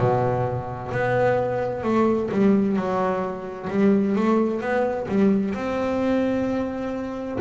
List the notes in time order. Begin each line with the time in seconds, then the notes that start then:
0.00 B2
0.92 B3
1.84 A3
2.32 G3
2.77 F#3
3.70 G3
4.16 A3
4.61 B3
5.09 G3
5.55 C4